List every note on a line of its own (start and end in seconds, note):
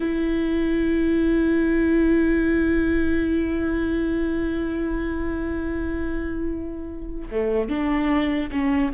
0.00 7.30 E4
7.30 7.69 A3
7.69 8.50 D4
8.51 8.92 C#4